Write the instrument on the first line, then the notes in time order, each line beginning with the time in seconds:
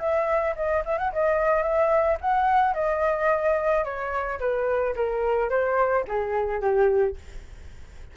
flute
0.00 E5
0.56 D#5
0.86 E5
0.98 F#5
1.13 D#5
1.63 E5
2.21 F#5
2.74 D#5
3.85 C#5
4.40 B4
4.96 A#4
5.50 C5
6.08 G#4
6.61 G4